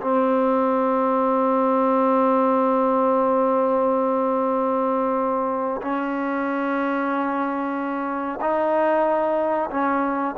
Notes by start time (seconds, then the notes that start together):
0.00 C4
5.81 C#4
8.40 D#4
9.70 C#4